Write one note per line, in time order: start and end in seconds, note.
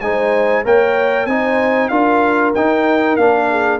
0.00 0.64 G#3
0.00 0.64 D#4
0.00 0.64 C5
0.00 0.63 G#5
0.64 1.25 A#3
0.64 1.28 A#4
0.64 1.27 C#5
0.64 1.26 G5
1.25 1.89 C4
1.25 1.91 D#4
1.25 1.90 C5
1.25 1.88 G#5
1.88 2.53 D4
1.88 2.54 F4
1.88 3.48 A#4
1.88 2.51 F5
2.54 3.17 D#4
2.54 3.19 D#4
2.54 3.16 G5
3.16 3.80 A#3
3.16 3.80 D4
3.16 3.79 F5
3.49 3.80 G#4